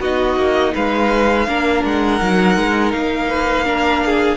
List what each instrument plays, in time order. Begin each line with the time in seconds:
0.00 cello B3, viola D#4, violin F#4 D#5
0.36 cello A#3
0.74 cello G#3, violin B4 F5
1.47 cello A#3, viola D4, violin A#4
1.84 cello G#3, violin F#5
2.19 cello F#3, viola D#4
2.57 cello G#3
2.92 cello A#3, violin F5
3.29 violin B4
3.65 viola D4, violin A#4
4.05 violin G#4